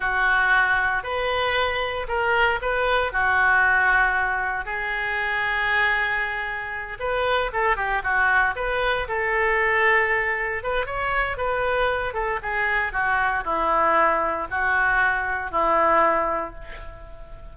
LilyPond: \new Staff \with { instrumentName = "oboe" } { \time 4/4 \tempo 4 = 116 fis'2 b'2 | ais'4 b'4 fis'2~ | fis'4 gis'2.~ | gis'4. b'4 a'8 g'8 fis'8~ |
fis'8 b'4 a'2~ a'8~ | a'8 b'8 cis''4 b'4. a'8 | gis'4 fis'4 e'2 | fis'2 e'2 | }